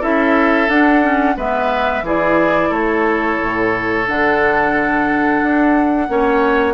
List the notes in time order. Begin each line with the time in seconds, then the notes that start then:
0.00 C#4 E4 A4 E5
0.68 D4 F#5
1.02 C#4
1.36 G#3 B3 B4 E5
2.02 E3 E4 G#4 D5
2.69 A3 A4 C#5
3.42 A2
4.05 D3 D4 F#5
5.42 D4
6.07 A#3 C#4 C#5